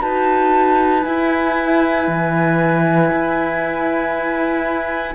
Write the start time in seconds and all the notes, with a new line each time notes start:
0.00 D#4 F#4 B4 A5
1.03 E4 G#5
2.07 E3
3.11 E4